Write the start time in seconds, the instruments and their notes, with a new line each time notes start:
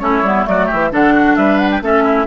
0.00 bassoon A3, clarinet C#4, oboe E4, flute C#5
0.22 bassoon G3, clarinet B3
0.45 bassoon F#3, clarinet A3, oboe F#4, flute D5
0.66 oboe G4, flute E5
0.73 bassoon E3
0.92 bassoon D3, clarinet D4, oboe A4, flute F#5
1.14 oboe F#4
1.36 bassoon G3, oboe B4, flute E5
1.58 flute F#5
1.71 flute G5
1.81 bassoon A3, clarinet C#4, oboe A4, flute E5
2.04 oboe E4